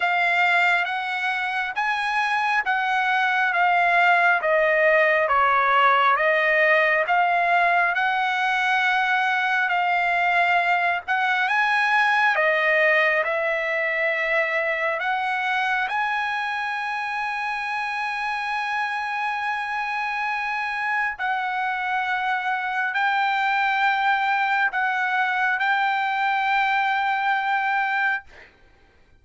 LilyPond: \new Staff \with { instrumentName = "trumpet" } { \time 4/4 \tempo 4 = 68 f''4 fis''4 gis''4 fis''4 | f''4 dis''4 cis''4 dis''4 | f''4 fis''2 f''4~ | f''8 fis''8 gis''4 dis''4 e''4~ |
e''4 fis''4 gis''2~ | gis''1 | fis''2 g''2 | fis''4 g''2. | }